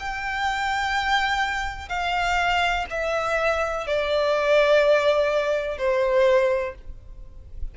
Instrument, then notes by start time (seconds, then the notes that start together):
violin
0.00 G5
1.89 F5
2.90 E5
3.87 D5
5.78 C5